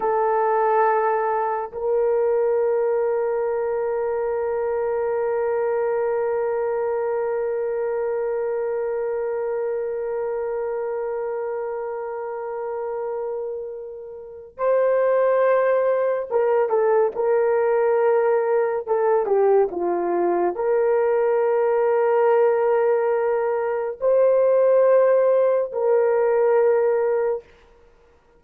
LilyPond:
\new Staff \with { instrumentName = "horn" } { \time 4/4 \tempo 4 = 70 a'2 ais'2~ | ais'1~ | ais'1~ | ais'1~ |
ais'4 c''2 ais'8 a'8 | ais'2 a'8 g'8 f'4 | ais'1 | c''2 ais'2 | }